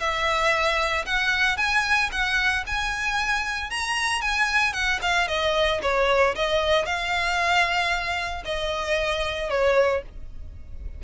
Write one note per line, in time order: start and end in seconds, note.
0.00 1.05 E5
1.06 1.57 F#5
1.57 2.10 G#5
2.12 2.65 F#5
2.67 3.71 G#5
3.71 4.22 A#5
4.22 4.73 G#5
4.73 5.00 F#5
5.02 5.28 F5
5.28 5.81 D#5
5.83 6.35 C#5
6.36 6.86 D#5
6.86 8.44 F5
8.45 9.50 D#5
9.50 10.03 C#5